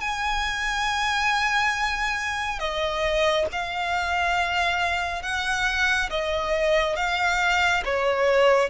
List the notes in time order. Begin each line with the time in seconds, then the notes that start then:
0.00 G#5
2.59 D#5
3.52 F5
5.22 F#5
6.09 D#5
6.96 F5
7.85 C#5